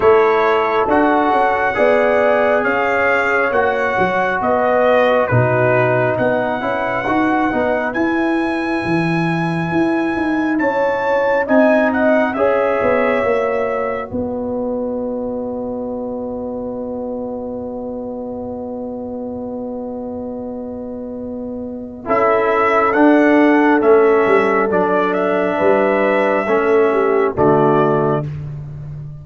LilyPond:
<<
  \new Staff \with { instrumentName = "trumpet" } { \time 4/4 \tempo 4 = 68 cis''4 fis''2 f''4 | fis''4 dis''4 b'4 fis''4~ | fis''4 gis''2. | a''4 gis''8 fis''8 e''2 |
dis''1~ | dis''1~ | dis''4 e''4 fis''4 e''4 | d''8 e''2~ e''8 d''4 | }
  \new Staff \with { instrumentName = "horn" } { \time 4/4 a'2 d''4 cis''4~ | cis''4 b'4 fis'4 b'4~ | b'1 | cis''4 dis''4 cis''2 |
b'1~ | b'1~ | b'4 a'2.~ | a'4 b'4 a'8 g'8 fis'4 | }
  \new Staff \with { instrumentName = "trombone" } { \time 4/4 e'4 fis'4 gis'2 | fis'2 dis'4. e'8 | fis'8 dis'8 e'2.~ | e'4 dis'4 gis'4 fis'4~ |
fis'1~ | fis'1~ | fis'4 e'4 d'4 cis'4 | d'2 cis'4 a4 | }
  \new Staff \with { instrumentName = "tuba" } { \time 4/4 a4 d'8 cis'8 b4 cis'4 | ais8 fis8 b4 b,4 b8 cis'8 | dis'8 b8 e'4 e4 e'8 dis'8 | cis'4 c'4 cis'8 b8 ais4 |
b1~ | b1~ | b4 cis'4 d'4 a8 g8 | fis4 g4 a4 d4 | }
>>